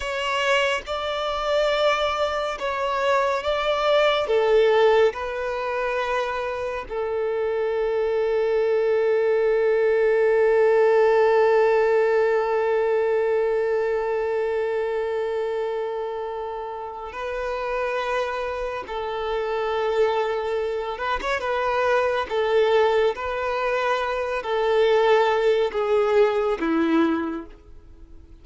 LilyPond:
\new Staff \with { instrumentName = "violin" } { \time 4/4 \tempo 4 = 70 cis''4 d''2 cis''4 | d''4 a'4 b'2 | a'1~ | a'1~ |
a'1 | b'2 a'2~ | a'8 b'16 cis''16 b'4 a'4 b'4~ | b'8 a'4. gis'4 e'4 | }